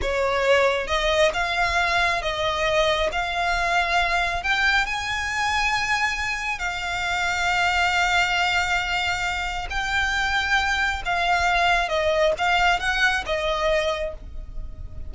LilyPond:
\new Staff \with { instrumentName = "violin" } { \time 4/4 \tempo 4 = 136 cis''2 dis''4 f''4~ | f''4 dis''2 f''4~ | f''2 g''4 gis''4~ | gis''2. f''4~ |
f''1~ | f''2 g''2~ | g''4 f''2 dis''4 | f''4 fis''4 dis''2 | }